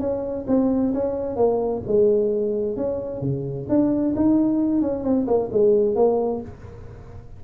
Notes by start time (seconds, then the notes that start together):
0.00 C#4
0.48 C4
0.94 C#4
1.37 A#3
1.87 G#3
2.77 C#4
3.22 C#3
3.69 D4
4.16 D#4
4.82 C#4
5.04 C4
5.28 A#3
5.53 G#3
5.96 A#3